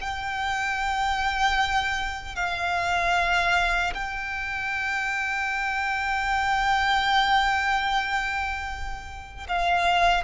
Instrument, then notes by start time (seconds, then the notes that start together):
violin
0.00 G5
2.35 F5
3.94 G5
9.48 F5